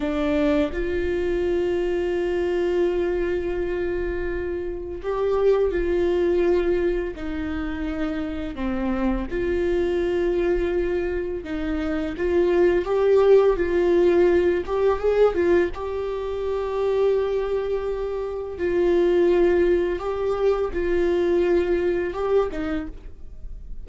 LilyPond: \new Staff \with { instrumentName = "viola" } { \time 4/4 \tempo 4 = 84 d'4 f'2.~ | f'2. g'4 | f'2 dis'2 | c'4 f'2. |
dis'4 f'4 g'4 f'4~ | f'8 g'8 gis'8 f'8 g'2~ | g'2 f'2 | g'4 f'2 g'8 dis'8 | }